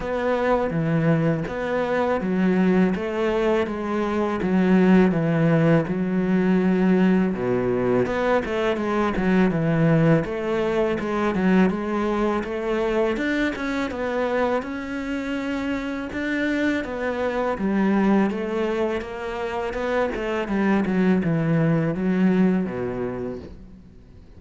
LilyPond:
\new Staff \with { instrumentName = "cello" } { \time 4/4 \tempo 4 = 82 b4 e4 b4 fis4 | a4 gis4 fis4 e4 | fis2 b,4 b8 a8 | gis8 fis8 e4 a4 gis8 fis8 |
gis4 a4 d'8 cis'8 b4 | cis'2 d'4 b4 | g4 a4 ais4 b8 a8 | g8 fis8 e4 fis4 b,4 | }